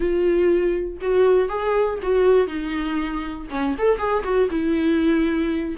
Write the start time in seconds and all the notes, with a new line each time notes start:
0.00 F4
1.01 F#4
1.48 G#4
2.02 F#4
2.47 D#4
3.50 C#4
3.78 A4
3.98 G#4
4.23 F#4
4.50 E4